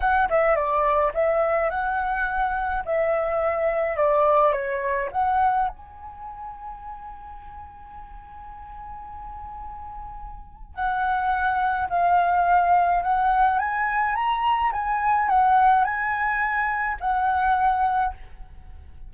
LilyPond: \new Staff \with { instrumentName = "flute" } { \time 4/4 \tempo 4 = 106 fis''8 e''8 d''4 e''4 fis''4~ | fis''4 e''2 d''4 | cis''4 fis''4 gis''2~ | gis''1~ |
gis''2. fis''4~ | fis''4 f''2 fis''4 | gis''4 ais''4 gis''4 fis''4 | gis''2 fis''2 | }